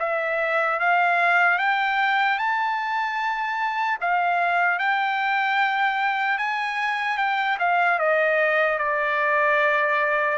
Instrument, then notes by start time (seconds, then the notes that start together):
trumpet
0.00 E5
0.80 F5
1.59 G5
2.39 A5
4.01 F5
4.79 G5
6.38 G#5
7.18 G5
7.59 F5
7.99 D#5
8.79 D5